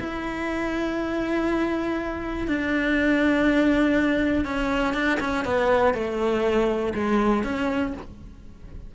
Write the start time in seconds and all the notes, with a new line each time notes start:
0.00 E4
2.48 D4
4.45 C#4
4.94 D4
5.20 C#4
5.45 B3
5.94 A3
6.94 G#3
7.44 C#4